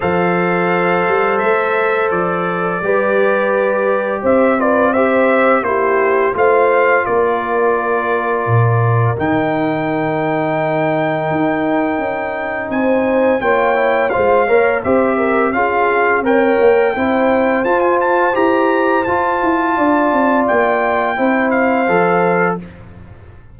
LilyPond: <<
  \new Staff \with { instrumentName = "trumpet" } { \time 4/4 \tempo 4 = 85 f''2 e''4 d''4~ | d''2 e''8 d''8 e''4 | c''4 f''4 d''2~ | d''4 g''2.~ |
g''2 gis''4 g''4 | f''4 e''4 f''4 g''4~ | g''4 a''16 gis''16 a''8 ais''4 a''4~ | a''4 g''4. f''4. | }
  \new Staff \with { instrumentName = "horn" } { \time 4/4 c''1 | b'2 c''8 b'8 c''4 | g'4 c''4 ais'2~ | ais'1~ |
ais'2 c''4 cis''4 | c''8 cis''8 c''8 ais'8 gis'4 cis''4 | c''1 | d''2 c''2 | }
  \new Staff \with { instrumentName = "trombone" } { \time 4/4 a'1 | g'2~ g'8 f'8 g'4 | e'4 f'2.~ | f'4 dis'2.~ |
dis'2. f'8 e'8 | f'8 ais'8 g'4 f'4 ais'4 | e'4 f'4 g'4 f'4~ | f'2 e'4 a'4 | }
  \new Staff \with { instrumentName = "tuba" } { \time 4/4 f4. g8 a4 f4 | g2 c'2 | ais4 a4 ais2 | ais,4 dis2. |
dis'4 cis'4 c'4 ais4 | gis8 ais8 c'4 cis'4 c'8 ais8 | c'4 f'4 e'4 f'8 e'8 | d'8 c'8 ais4 c'4 f4 | }
>>